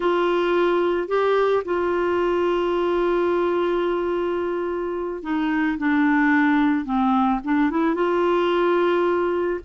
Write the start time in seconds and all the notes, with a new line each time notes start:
0.00 F4
1.08 G4
1.64 F4
5.22 D#4
5.78 D4
6.85 C4
7.43 D4
7.70 E4
7.94 F4